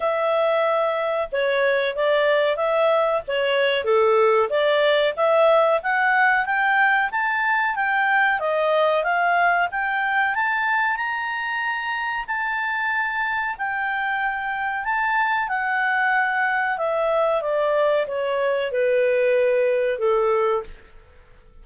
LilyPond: \new Staff \with { instrumentName = "clarinet" } { \time 4/4 \tempo 4 = 93 e''2 cis''4 d''4 | e''4 cis''4 a'4 d''4 | e''4 fis''4 g''4 a''4 | g''4 dis''4 f''4 g''4 |
a''4 ais''2 a''4~ | a''4 g''2 a''4 | fis''2 e''4 d''4 | cis''4 b'2 a'4 | }